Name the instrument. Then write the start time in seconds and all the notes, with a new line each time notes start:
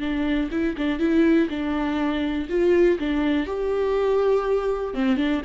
viola
0.00 D4
0.51 E4
0.78 D4
0.99 E4
1.50 D4
2.49 F4
2.99 D4
3.47 G4
4.94 C4
5.17 D4